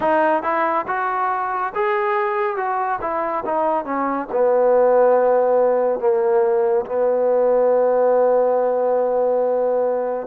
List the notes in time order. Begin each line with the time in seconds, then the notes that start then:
0.00 D#4
0.42 E4
0.87 F#4
1.75 G#4
2.56 F#4
3.01 E4
3.45 D#4
3.84 C#4
4.32 B3
5.99 A#3
6.85 B3